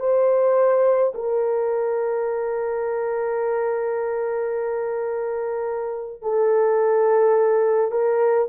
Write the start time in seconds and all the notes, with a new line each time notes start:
0.00 C5
1.15 A#4
6.22 A4
7.92 A#4